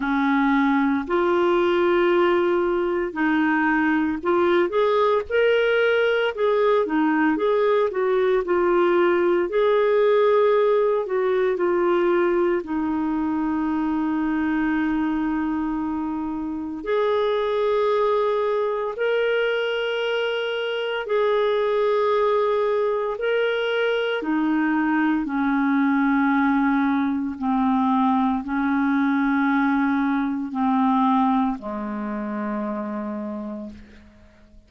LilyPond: \new Staff \with { instrumentName = "clarinet" } { \time 4/4 \tempo 4 = 57 cis'4 f'2 dis'4 | f'8 gis'8 ais'4 gis'8 dis'8 gis'8 fis'8 | f'4 gis'4. fis'8 f'4 | dis'1 |
gis'2 ais'2 | gis'2 ais'4 dis'4 | cis'2 c'4 cis'4~ | cis'4 c'4 gis2 | }